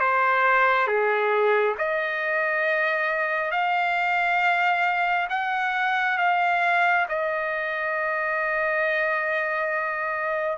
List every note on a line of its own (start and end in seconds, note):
0.00 0.88 C5
0.88 1.76 G#4
1.79 3.52 D#5
3.52 5.28 F5
5.30 6.18 F#5
6.18 7.07 F5
7.09 10.58 D#5